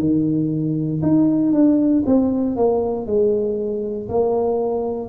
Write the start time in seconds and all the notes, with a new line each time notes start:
0.00 D#3
1.03 D#4
1.53 D4
2.06 C4
2.57 A#3
3.07 G#3
4.09 A#3